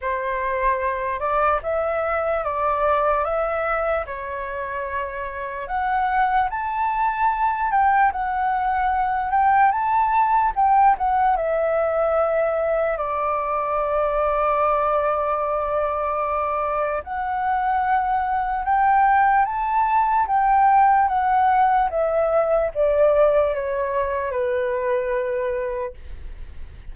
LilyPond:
\new Staff \with { instrumentName = "flute" } { \time 4/4 \tempo 4 = 74 c''4. d''8 e''4 d''4 | e''4 cis''2 fis''4 | a''4. g''8 fis''4. g''8 | a''4 g''8 fis''8 e''2 |
d''1~ | d''4 fis''2 g''4 | a''4 g''4 fis''4 e''4 | d''4 cis''4 b'2 | }